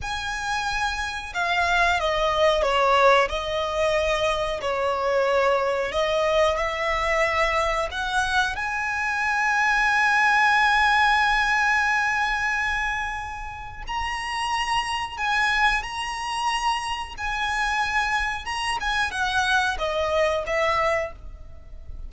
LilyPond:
\new Staff \with { instrumentName = "violin" } { \time 4/4 \tempo 4 = 91 gis''2 f''4 dis''4 | cis''4 dis''2 cis''4~ | cis''4 dis''4 e''2 | fis''4 gis''2.~ |
gis''1~ | gis''4 ais''2 gis''4 | ais''2 gis''2 | ais''8 gis''8 fis''4 dis''4 e''4 | }